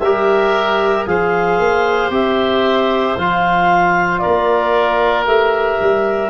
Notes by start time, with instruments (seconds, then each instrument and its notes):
0.00 tuba G3, trombone G4, oboe A#4, clarinet E5
1.07 tuba F3, trombone G#4, oboe C5, clarinet F5
1.59 tuba A#3
2.11 tuba C4, trombone G4, clarinet E5
3.17 tuba F3, trombone F4, clarinet F5
4.20 oboe A#4, clarinet D5
4.26 tuba A#3
5.26 tuba A3, trombone G4, clarinet E5
5.81 tuba G3